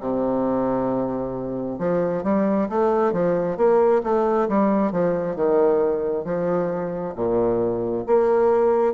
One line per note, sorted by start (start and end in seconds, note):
0.00 1.78 C3
1.78 2.23 F3
2.23 2.67 G3
2.69 3.12 A3
3.12 3.57 F3
3.57 4.01 A#3
4.03 4.48 A3
4.48 4.91 G3
4.91 5.35 F3
5.35 6.24 D#3
6.24 7.14 F3
7.15 8.05 A#2
8.06 8.93 A#3